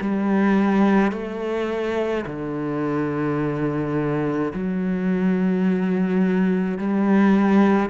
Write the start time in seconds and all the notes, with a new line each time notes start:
0.00 G3
1.11 A3
2.26 D3
4.53 F#3
6.78 G3